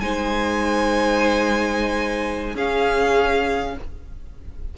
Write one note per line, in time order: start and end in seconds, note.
0.00 2.54 G#3
0.00 2.56 D#4
0.00 2.54 C5
0.00 2.55 G#5
2.54 3.74 C#4
2.54 3.76 C#4
2.54 3.74 G#4
2.54 3.77 F5